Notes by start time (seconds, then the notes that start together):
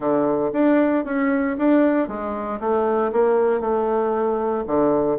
0.00 D3
0.52 D4
1.05 C#4
1.58 D4
2.08 G#3
2.60 A3
3.12 A#3
3.60 A3
4.66 D3